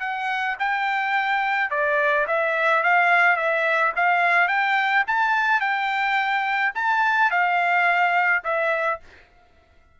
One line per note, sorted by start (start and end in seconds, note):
0.00 0.56 F#5
0.59 1.70 G5
1.70 2.26 D5
2.27 2.83 E5
2.83 3.36 F5
3.36 3.93 E5
3.96 4.48 F5
4.48 5.04 G5
5.07 5.60 A5
5.60 6.72 G5
6.75 7.31 A5
7.31 8.43 F5
8.44 9.00 E5